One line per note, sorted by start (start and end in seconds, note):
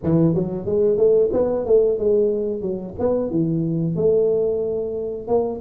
0.03 0.34 E3
0.34 0.65 F#3
0.65 0.97 G#3
0.97 1.30 A3
1.32 1.65 B3
1.65 1.98 A3
1.98 2.61 G#3
2.61 2.94 F#3
2.99 3.30 B3
3.30 3.95 E3
3.95 5.27 A3
5.27 5.60 A#3